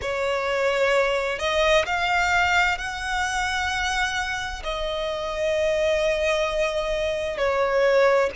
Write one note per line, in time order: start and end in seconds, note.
0.01 1.38 C#5
1.38 1.85 D#5
1.85 2.78 F5
2.78 4.62 F#5
4.63 7.37 D#5
7.37 8.30 C#5